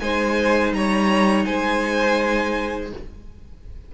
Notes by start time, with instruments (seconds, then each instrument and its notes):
0.00 cello G#3, viola D#4, violin C5 G#5
0.72 cello G3, violin C#5 A#5
1.45 cello G#3, violin C5 G#5